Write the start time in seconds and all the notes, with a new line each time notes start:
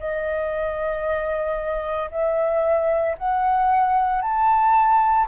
0.00 D#5
2.11 E5
3.18 F#5
4.22 A5